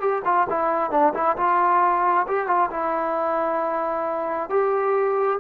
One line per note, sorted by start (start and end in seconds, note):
0.00 0.22 G4
0.24 0.47 F4
0.49 0.91 E4
0.91 1.13 D4
1.14 1.36 E4
1.37 2.26 F4
2.28 2.47 G4
2.47 2.69 F4
2.71 4.50 E4
4.50 5.39 G4